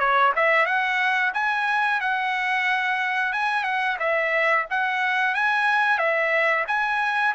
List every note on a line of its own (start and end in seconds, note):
0.00 0.33 C#5
0.36 0.66 E5
0.66 1.33 F#5
1.34 2.01 G#5
2.01 3.33 F#5
3.33 3.64 G#5
3.64 3.98 F#5
4.00 4.66 E5
4.71 5.35 F#5
5.35 5.99 G#5
5.99 6.65 E5
6.68 7.35 G#5